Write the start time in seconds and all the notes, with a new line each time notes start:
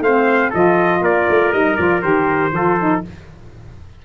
0.00 A3 C4 C5 F5
0.50 F3 F4 A4 D#5
1.01 A#3 A#4 D5
1.29 A3
1.52 G3 D#4 D#5
1.76 F3 F4 D5
2.01 D#3 G4 C5
2.52 F3 F4 A4
2.79 D#4